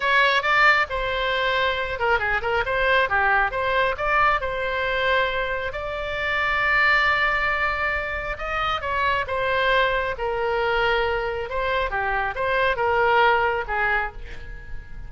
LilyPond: \new Staff \with { instrumentName = "oboe" } { \time 4/4 \tempo 4 = 136 cis''4 d''4 c''2~ | c''8 ais'8 gis'8 ais'8 c''4 g'4 | c''4 d''4 c''2~ | c''4 d''2.~ |
d''2. dis''4 | cis''4 c''2 ais'4~ | ais'2 c''4 g'4 | c''4 ais'2 gis'4 | }